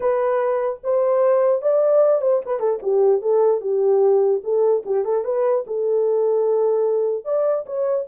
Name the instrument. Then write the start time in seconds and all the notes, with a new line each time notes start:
horn
0.00 B4
0.83 C5
1.62 D5
2.21 C5
2.45 B4
2.59 A4
2.82 G4
3.21 A4
3.60 G4
4.43 A4
4.85 G4
5.04 A4
5.24 B4
5.66 A4
7.24 D5
7.65 C#5